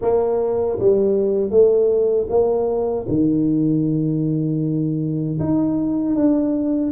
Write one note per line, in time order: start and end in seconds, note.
0.01 0.78 A#3
0.78 1.50 G3
1.50 2.27 A3
2.29 3.06 A#3
3.08 5.38 D#3
5.39 6.15 D#4
6.15 6.92 D4